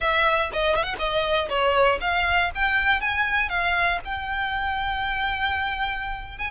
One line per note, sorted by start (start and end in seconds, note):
0.00 0.50 E5
0.53 0.75 D#5
0.75 0.82 E5
0.82 0.95 F#5
0.98 1.48 D#5
1.49 1.99 C#5
2.00 2.50 F5
2.55 3.00 G5
3.00 3.49 G#5
3.49 3.99 F5
4.05 6.38 G5
6.38 6.50 G#5